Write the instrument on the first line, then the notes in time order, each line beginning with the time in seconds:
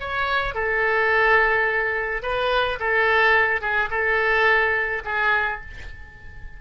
oboe
0.00 C#5
0.55 A4
2.23 B4
2.80 A4
3.61 G#4
3.91 A4
5.05 G#4